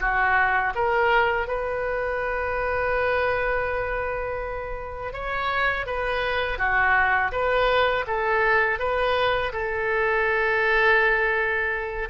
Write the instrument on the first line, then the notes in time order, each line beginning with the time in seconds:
oboe
0.00 F#4
0.75 A#4
1.47 B4
5.13 C#5
5.86 B4
6.58 F#4
7.32 B4
8.07 A4
8.79 B4
9.52 A4